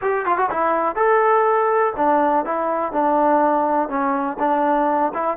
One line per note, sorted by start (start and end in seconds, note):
0.01 0.25 G4
0.25 0.37 F4
0.37 0.49 F#4
0.50 0.95 E4
0.95 1.93 A4
1.96 2.45 D4
2.45 2.92 E4
2.92 3.88 D4
3.88 4.37 C#4
4.39 5.12 D4
5.14 5.37 E4